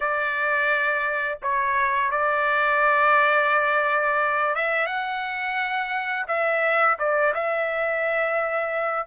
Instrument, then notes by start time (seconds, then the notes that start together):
trumpet
0.00 D5
1.42 C#5
2.11 D5
4.55 E5
4.86 F#5
6.27 E5
6.98 D5
7.34 E5